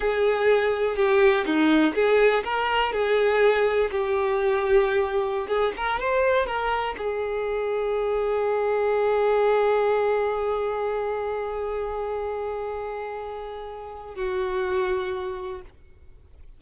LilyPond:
\new Staff \with { instrumentName = "violin" } { \time 4/4 \tempo 4 = 123 gis'2 g'4 dis'4 | gis'4 ais'4 gis'2 | g'2.~ g'16 gis'8 ais'16~ | ais'16 c''4 ais'4 gis'4.~ gis'16~ |
gis'1~ | gis'1~ | gis'1~ | gis'4 fis'2. | }